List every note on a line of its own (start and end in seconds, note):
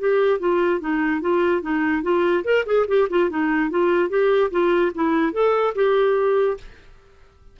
0.00 0.40 G4
0.40 0.81 F4
0.81 1.21 D#4
1.21 1.62 F4
1.62 2.03 D#4
2.03 2.44 F4
2.45 2.65 A#4
2.66 2.87 G#4
2.88 3.09 G4
3.10 3.30 F4
3.30 3.71 D#4
3.71 4.10 F4
4.10 4.51 G4
4.52 4.93 F4
4.95 5.33 E4
5.33 5.74 A4
5.76 6.58 G4